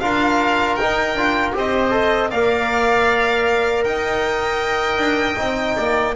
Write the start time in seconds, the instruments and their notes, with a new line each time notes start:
0.00 double bass D4, trombone F4, oboe A#4, violin F5
0.75 double bass D#4, trombone D#4, violin G5
1.15 double bass D4, trombone F4
1.53 double bass C4, trombone G4, oboe C5, violin D#5
1.91 trombone A4
2.30 double bass A#3, trombone A#4, oboe D5, violin F5
3.84 double bass D#4, oboe D#5, violin G5
4.97 double bass D4
5.37 double bass C4, trombone D#4
5.76 double bass A#3, oboe D5